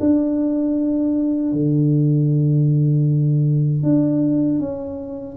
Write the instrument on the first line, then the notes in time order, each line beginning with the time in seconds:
tuba
0.00 D4
1.52 D3
3.83 D4
4.59 C#4